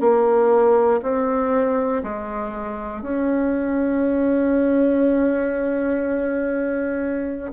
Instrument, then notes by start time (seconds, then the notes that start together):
bassoon
0.00 A#3
1.02 C4
2.03 G#3
3.02 C#4